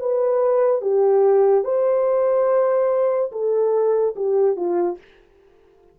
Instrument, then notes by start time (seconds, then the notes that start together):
horn
0.00 B4
0.81 G4
1.64 C5
3.32 A4
4.16 G4
4.56 F4